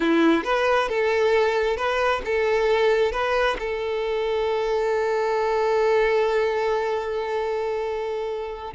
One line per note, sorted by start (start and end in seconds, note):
0.00 0.44 E4
0.44 0.88 B4
0.88 1.76 A4
1.76 2.21 B4
2.24 3.12 A4
3.12 3.57 B4
3.59 8.74 A4